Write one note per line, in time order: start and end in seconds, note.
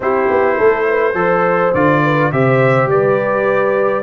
0.00 0.26 C4
0.00 1.14 E4
0.00 0.57 G4
0.00 1.74 C5
0.29 0.58 B3
0.57 1.14 A3
0.57 0.85 A4
0.88 1.17 B4
1.14 1.71 F3
1.14 1.72 A4
1.14 2.03 C5
1.74 2.31 D3
1.74 2.32 F4
1.74 2.31 D5
2.03 2.31 B4
2.31 2.86 C3
2.31 4.03 G4
2.31 2.89 C5
2.31 2.89 E5
2.86 4.01 G3
2.86 4.03 B4
2.86 4.03 D5